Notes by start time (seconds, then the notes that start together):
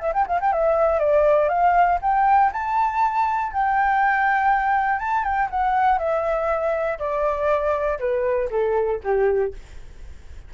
0.00 E5
0.14 G5
0.27 F5
0.41 G5
0.53 E5
1.00 D5
1.49 F5
2.02 G5
2.53 A5
3.52 G5
5.00 A5
5.24 G5
5.51 F#5
5.99 E5
6.99 D5
8.00 B4
8.51 A4
9.04 G4